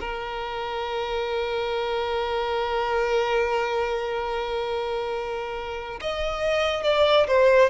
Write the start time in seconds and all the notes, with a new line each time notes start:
0.00 A#4
6.01 D#5
6.84 D5
7.27 C5